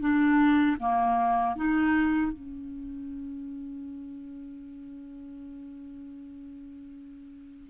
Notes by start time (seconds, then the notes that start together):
0.00 D4
0.79 A#3
1.56 D#4
2.32 C#4